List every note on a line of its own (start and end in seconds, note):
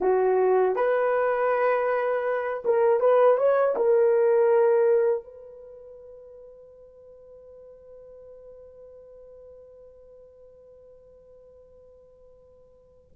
0.00 0.75 F#4
0.75 2.63 B4
2.65 3.00 A#4
3.00 3.37 B4
3.38 3.75 C#5
3.76 5.23 A#4
5.23 13.11 B4